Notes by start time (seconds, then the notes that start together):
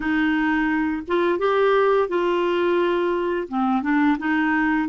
0.00 D#4
1.07 F4
1.38 G4
2.08 F4
3.48 C4
3.82 D4
4.19 D#4